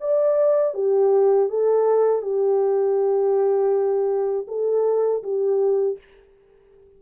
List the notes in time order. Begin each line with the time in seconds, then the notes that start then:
0.00 D5
0.74 G4
1.49 A4
2.22 G4
4.47 A4
5.23 G4